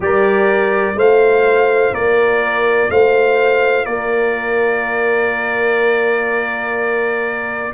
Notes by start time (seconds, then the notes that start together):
0.00 G3 G4 A#4 D5
0.95 A3 F4 C5 F5
1.92 A#3 A#4 D5
2.89 A3 C5 F5
3.85 A#3 A#4 D5